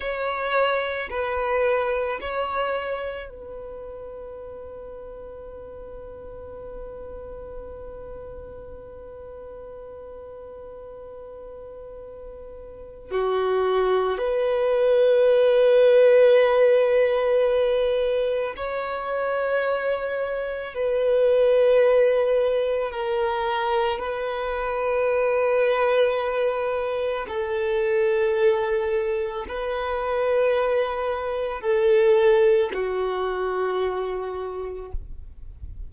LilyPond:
\new Staff \with { instrumentName = "violin" } { \time 4/4 \tempo 4 = 55 cis''4 b'4 cis''4 b'4~ | b'1~ | b'1 | fis'4 b'2.~ |
b'4 cis''2 b'4~ | b'4 ais'4 b'2~ | b'4 a'2 b'4~ | b'4 a'4 fis'2 | }